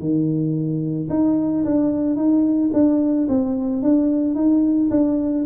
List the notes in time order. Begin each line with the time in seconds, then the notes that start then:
0.00 D#3
1.10 D#4
1.65 D4
2.16 D#4
2.74 D4
3.29 C4
3.83 D4
4.35 D#4
4.91 D4